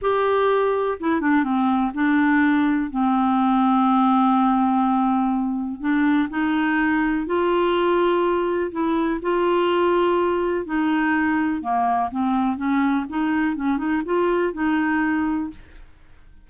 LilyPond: \new Staff \with { instrumentName = "clarinet" } { \time 4/4 \tempo 4 = 124 g'2 e'8 d'8 c'4 | d'2 c'2~ | c'1 | d'4 dis'2 f'4~ |
f'2 e'4 f'4~ | f'2 dis'2 | ais4 c'4 cis'4 dis'4 | cis'8 dis'8 f'4 dis'2 | }